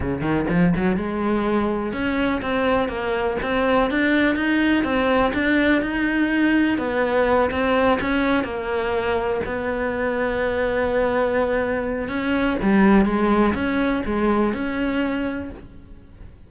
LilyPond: \new Staff \with { instrumentName = "cello" } { \time 4/4 \tempo 4 = 124 cis8 dis8 f8 fis8 gis2 | cis'4 c'4 ais4 c'4 | d'4 dis'4 c'4 d'4 | dis'2 b4. c'8~ |
c'8 cis'4 ais2 b8~ | b1~ | b4 cis'4 g4 gis4 | cis'4 gis4 cis'2 | }